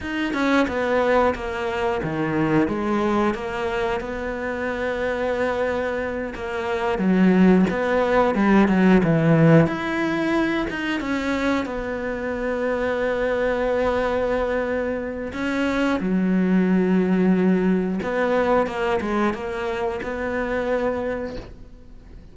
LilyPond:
\new Staff \with { instrumentName = "cello" } { \time 4/4 \tempo 4 = 90 dis'8 cis'8 b4 ais4 dis4 | gis4 ais4 b2~ | b4. ais4 fis4 b8~ | b8 g8 fis8 e4 e'4. |
dis'8 cis'4 b2~ b8~ | b2. cis'4 | fis2. b4 | ais8 gis8 ais4 b2 | }